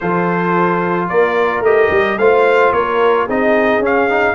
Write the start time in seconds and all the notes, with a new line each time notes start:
0.00 F3 F4 A4 C5
1.08 A#3 A#4 D5
1.60 A3 G4 D#5
1.90 G3
2.17 A3 F4 C5 F5
2.72 A#3 A#4 C#5
3.25 C4 D#4 G#4 D#5
3.78 C#4
3.85 F5
4.09 D#4